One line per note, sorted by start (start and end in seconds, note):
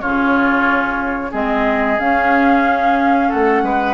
0.00 1.33 C#3
0.00 1.32 C#4
0.00 1.31 F4
0.00 1.32 C#5
1.31 1.98 G#3
1.31 1.98 C4
1.31 3.28 G#4
1.31 1.99 D#5
1.98 3.30 C#4
1.98 3.94 C#4
1.98 3.31 F5
3.28 3.62 A3
3.28 3.61 A4
3.28 3.94 F#5
3.62 3.94 G#3
3.62 3.94 B4